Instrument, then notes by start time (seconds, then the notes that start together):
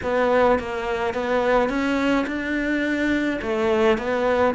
cello
0.02 B3
0.59 A#3
1.14 B3
1.69 C#4
2.26 D4
3.41 A3
3.98 B3